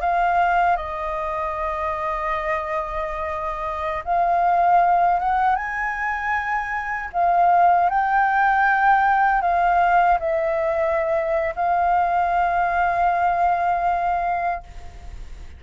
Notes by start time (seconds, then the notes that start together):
0.00 F5
0.76 D#5
4.04 F5
5.19 F#5
5.55 G#5
7.13 F5
7.89 G5
9.41 F5
10.19 E5
11.55 F5